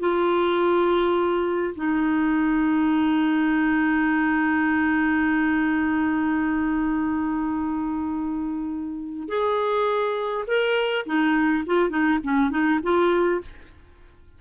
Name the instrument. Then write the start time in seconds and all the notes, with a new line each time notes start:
clarinet
0.00 F4
1.76 D#4
9.29 G#4
10.47 A#4
11.06 D#4
11.67 F4
11.90 D#4
12.24 C#4
12.51 D#4
12.83 F4